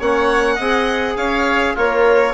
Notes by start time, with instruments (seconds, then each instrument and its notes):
0.00 bassoon A#3, trombone C#4, oboe C#5, violin F#5
0.56 bassoon C4, trombone G#4, oboe D#5
1.17 bassoon C#4, oboe C#5, violin F5
1.75 bassoon A#3, oboe F4, trombone A#4, violin C#5